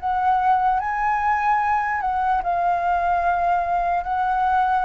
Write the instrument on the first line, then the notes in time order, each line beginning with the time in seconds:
flute
0.00 F#5
0.80 G#5
2.01 F#5
2.43 F5
4.04 F#5